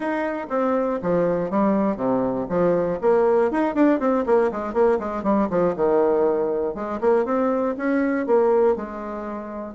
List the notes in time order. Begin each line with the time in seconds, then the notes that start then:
0.00 D#4
0.49 C4
1.02 F3
1.50 G3
1.96 C3
2.49 F3
3.01 A#3
3.51 D#4
3.75 D4
3.99 C4
4.26 A#3
4.51 G#3
4.73 A#3
4.99 G#3
5.23 G3
5.50 F3
5.75 D#3
6.74 G#3
7.00 A#3
7.25 C4
7.77 C#4
8.26 A#3
8.76 G#3